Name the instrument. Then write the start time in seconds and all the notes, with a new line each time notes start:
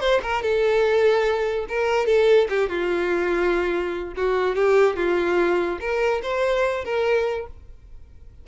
violin
0.00 C5
0.23 A#4
0.42 A4
1.69 A#4
2.06 A4
2.49 G4
2.69 F4
4.16 F#4
4.55 G4
4.96 F4
5.80 A#4
6.23 C5
6.85 A#4